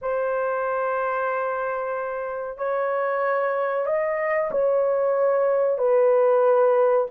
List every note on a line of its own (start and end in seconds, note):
0.01 2.57 C5
2.57 3.86 C#5
3.86 4.50 D#5
4.51 5.77 C#5
5.77 7.06 B4